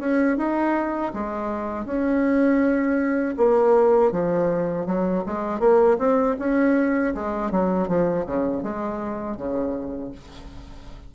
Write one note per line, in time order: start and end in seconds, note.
0.00 0.38 C#4
0.38 1.12 D#4
1.14 1.85 G#3
1.85 3.35 C#4
3.38 4.12 A#3
4.12 4.86 F3
4.86 5.24 F#3
5.26 5.60 G#3
5.60 5.97 A#3
5.98 6.36 C4
6.39 7.14 C#4
7.15 7.51 G#3
7.51 7.88 F#3
7.88 8.26 F3
8.26 8.63 C#3
8.63 9.37 G#3
9.37 10.12 C#3